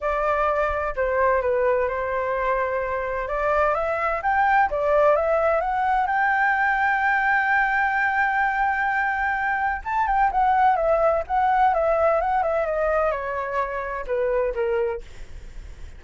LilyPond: \new Staff \with { instrumentName = "flute" } { \time 4/4 \tempo 4 = 128 d''2 c''4 b'4 | c''2. d''4 | e''4 g''4 d''4 e''4 | fis''4 g''2.~ |
g''1~ | g''4 a''8 g''8 fis''4 e''4 | fis''4 e''4 fis''8 e''8 dis''4 | cis''2 b'4 ais'4 | }